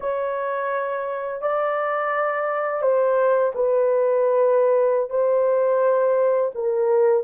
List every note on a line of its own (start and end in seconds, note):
0.00 1.41 C#5
1.41 2.81 D5
2.81 3.52 C5
3.54 5.10 B4
5.10 6.51 C5
6.55 7.23 A#4